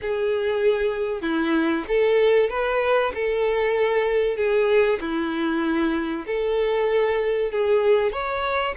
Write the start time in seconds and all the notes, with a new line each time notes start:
0.01 G#4
1.21 E4
1.88 A4
2.49 B4
3.14 A4
4.36 G#4
5.00 E4
6.26 A4
7.51 G#4
8.12 C#5